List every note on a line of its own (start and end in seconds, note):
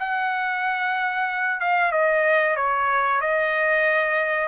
0.00 1.61 F#5
1.61 1.92 F5
1.92 2.57 D#5
2.57 3.21 C#5
3.21 4.49 D#5